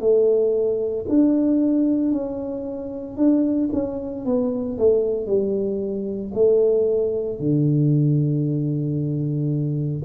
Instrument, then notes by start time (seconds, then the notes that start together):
tuba
0.00 A3
1.09 D4
2.11 C#4
3.17 D4
3.73 C#4
4.25 B3
4.78 A3
5.26 G3
6.34 A3
7.39 D3